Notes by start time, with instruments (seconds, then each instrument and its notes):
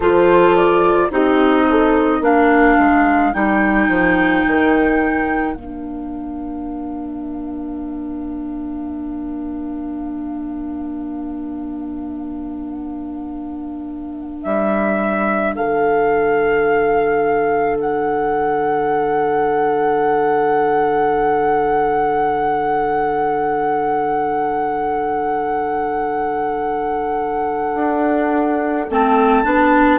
0.00 bassoon F3, clarinet F4, horn A4, flute C5
0.55 flute D5
1.10 bassoon C4, clarinet D#4, horn G4, flute D#5
1.69 horn A4
2.20 bassoon A#3, clarinet D4, horn A#4, flute F5
2.78 bassoon G#3
3.33 bassoon G3, clarinet D#4, flute G5
3.88 bassoon F3
4.47 bassoon D#3
5.55 bassoon A#3, clarinet D4, flute F5
14.42 bassoon G3, flute E5
15.55 bassoon D3, horn A4, flute F5
17.80 flute F#5
27.74 bassoon D4
28.90 bassoon A3, clarinet C4, flute A5
29.44 bassoon B3, clarinet D4